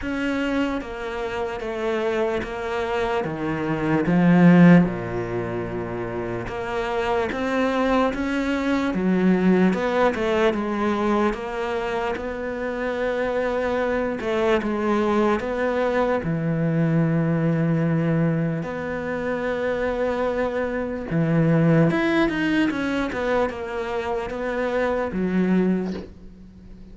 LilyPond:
\new Staff \with { instrumentName = "cello" } { \time 4/4 \tempo 4 = 74 cis'4 ais4 a4 ais4 | dis4 f4 ais,2 | ais4 c'4 cis'4 fis4 | b8 a8 gis4 ais4 b4~ |
b4. a8 gis4 b4 | e2. b4~ | b2 e4 e'8 dis'8 | cis'8 b8 ais4 b4 fis4 | }